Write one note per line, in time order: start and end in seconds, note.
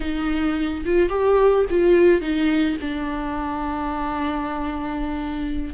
0.00 0.84 D#4
0.85 1.09 F4
1.09 1.65 G4
1.70 2.21 F4
2.21 2.77 D#4
2.81 5.73 D4